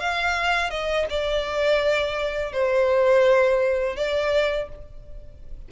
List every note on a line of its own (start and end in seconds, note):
0.00 0.70 F5
0.70 1.06 D#5
1.10 2.53 D5
2.53 3.97 C5
3.97 4.69 D5